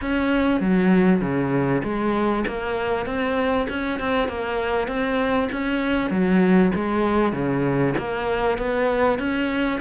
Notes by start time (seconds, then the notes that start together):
0.01 C#4
0.60 F#3
1.21 C#3
1.83 G#3
2.47 A#3
3.06 C4
3.69 C#4
3.99 C4
4.28 A#3
4.87 C4
5.52 C#4
6.10 F#3
6.74 G#3
7.32 C#3
7.97 A#3
8.58 B3
9.18 C#4